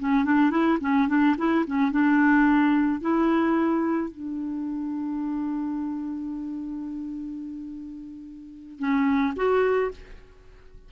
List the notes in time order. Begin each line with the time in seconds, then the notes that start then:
0.00 C#4
0.25 D4
0.51 E4
0.81 C#4
1.09 D4
1.38 E4
1.67 C#4
1.92 D4
3.02 E4
4.11 D4
8.79 C#4
9.37 F#4